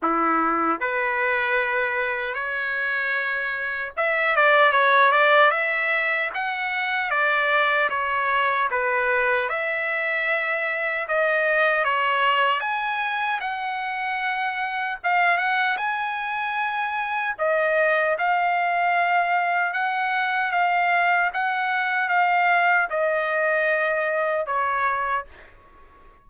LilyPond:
\new Staff \with { instrumentName = "trumpet" } { \time 4/4 \tempo 4 = 76 e'4 b'2 cis''4~ | cis''4 e''8 d''8 cis''8 d''8 e''4 | fis''4 d''4 cis''4 b'4 | e''2 dis''4 cis''4 |
gis''4 fis''2 f''8 fis''8 | gis''2 dis''4 f''4~ | f''4 fis''4 f''4 fis''4 | f''4 dis''2 cis''4 | }